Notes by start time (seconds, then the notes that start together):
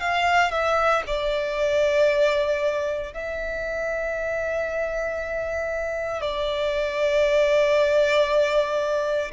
0.00 F5
0.51 E5
1.07 D5
3.14 E5
6.22 D5